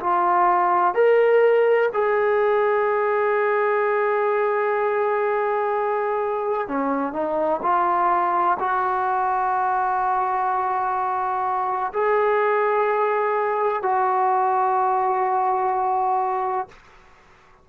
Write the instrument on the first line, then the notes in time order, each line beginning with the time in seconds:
trombone
0.00 F4
0.94 A#4
1.93 G#4
6.68 C#4
7.13 D#4
7.62 F4
8.59 F#4
11.93 G#4
13.82 F#4